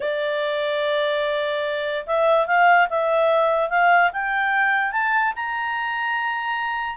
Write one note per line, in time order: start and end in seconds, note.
0.00 2.05 D5
2.06 2.46 E5
2.46 2.87 F5
2.89 3.69 E5
3.69 4.10 F5
4.12 4.92 G5
4.92 5.33 A5
5.35 6.97 A#5